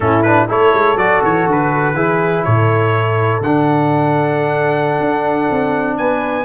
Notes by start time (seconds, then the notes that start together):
0.00 A2 C#4 E4 A4
0.22 D4 B4
0.48 A3 E4 A4 C#5
0.74 G#3
0.96 F#3 F#4 D5
1.22 E3 C#5
1.46 D3 B4
1.94 E3 E4 G#4
2.44 A2 A4 C#5
3.41 D3 D4 F#5
4.99 D4
5.50 C4
5.97 B3 B4 G#5